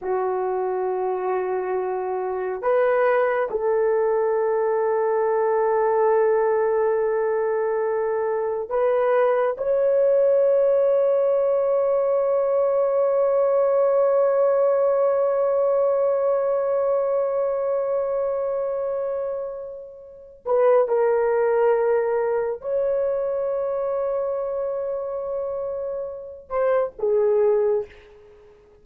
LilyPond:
\new Staff \with { instrumentName = "horn" } { \time 4/4 \tempo 4 = 69 fis'2. b'4 | a'1~ | a'2 b'4 cis''4~ | cis''1~ |
cis''1~ | cis''2.~ cis''8 b'8 | ais'2 cis''2~ | cis''2~ cis''8 c''8 gis'4 | }